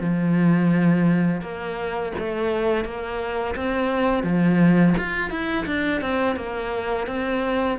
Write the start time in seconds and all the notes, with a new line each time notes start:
0.00 F3
1.41 A#3
2.18 A3
2.84 A#3
3.55 C4
4.23 F3
4.98 F4
5.30 E4
5.66 D4
6.01 C4
6.36 A#3
7.07 C4